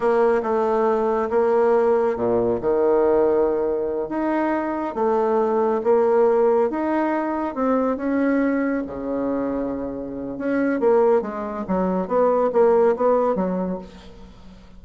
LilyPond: \new Staff \with { instrumentName = "bassoon" } { \time 4/4 \tempo 4 = 139 ais4 a2 ais4~ | ais4 ais,4 dis2~ | dis4. dis'2 a8~ | a4. ais2 dis'8~ |
dis'4. c'4 cis'4.~ | cis'8 cis2.~ cis8 | cis'4 ais4 gis4 fis4 | b4 ais4 b4 fis4 | }